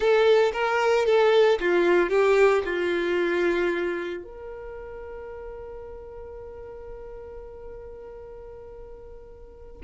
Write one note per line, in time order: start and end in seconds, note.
0.00 0.52 A4
0.53 1.05 A#4
1.05 1.58 A4
1.60 2.09 F4
2.09 2.62 G4
2.65 4.24 F4
4.24 9.81 A#4